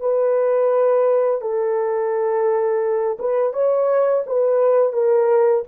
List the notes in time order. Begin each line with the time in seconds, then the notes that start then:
0.00 B4
1.41 A4
3.19 B4
3.53 C#5
4.26 B4
4.93 A#4